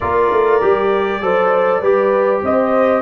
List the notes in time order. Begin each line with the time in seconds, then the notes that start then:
0.00 A#3 F4 A#4 D5
0.31 A3
0.61 G3 G4
1.21 F#3 A4 C5
1.81 G3 G4 B4
2.42 C4 C5 D#5